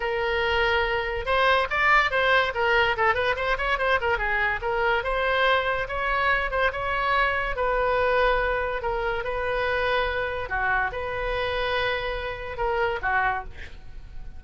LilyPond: \new Staff \with { instrumentName = "oboe" } { \time 4/4 \tempo 4 = 143 ais'2. c''4 | d''4 c''4 ais'4 a'8 b'8 | c''8 cis''8 c''8 ais'8 gis'4 ais'4 | c''2 cis''4. c''8 |
cis''2 b'2~ | b'4 ais'4 b'2~ | b'4 fis'4 b'2~ | b'2 ais'4 fis'4 | }